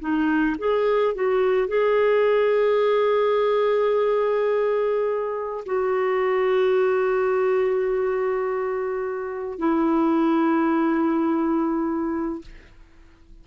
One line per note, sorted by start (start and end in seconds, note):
0.00 0.57 D#4
0.58 1.15 G#4
1.15 1.68 F#4
1.68 5.64 G#4
5.66 9.59 F#4
9.59 12.42 E4